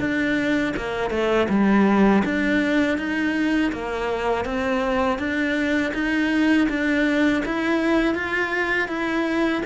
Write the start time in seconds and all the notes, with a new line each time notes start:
0.00 D4
0.77 A#3
1.10 A3
1.49 G3
2.25 D4
2.98 D#4
3.72 A#3
4.45 C4
5.19 D4
5.94 D#4
6.69 D4
7.46 E4
8.15 F4
8.89 E4